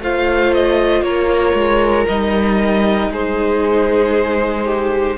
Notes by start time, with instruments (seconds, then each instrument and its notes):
0.00 cello A3, viola F4, violin C5 F5
0.54 violin D#5
1.02 cello A#3, violin A#4 C#5
1.54 cello G#3
2.08 cello G3, viola D#4, violin D#5
3.10 cello G#3, violin G#4 C5
4.65 violin G4